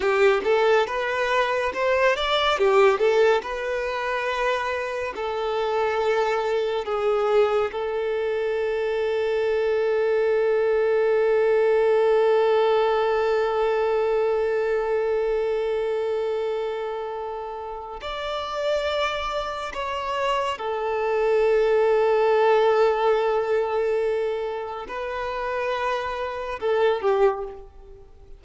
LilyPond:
\new Staff \with { instrumentName = "violin" } { \time 4/4 \tempo 4 = 70 g'8 a'8 b'4 c''8 d''8 g'8 a'8 | b'2 a'2 | gis'4 a'2.~ | a'1~ |
a'1~ | a'4 d''2 cis''4 | a'1~ | a'4 b'2 a'8 g'8 | }